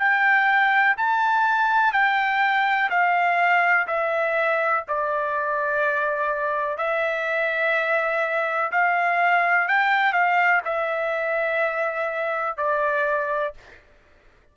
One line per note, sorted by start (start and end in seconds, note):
0.00 0.97 G5
0.98 1.93 A5
1.93 2.90 G5
2.91 3.88 F5
3.88 4.84 E5
4.88 6.78 D5
6.78 8.72 E5
8.72 9.69 F5
9.69 10.13 G5
10.13 10.62 F5
10.65 12.58 E5
12.58 13.55 D5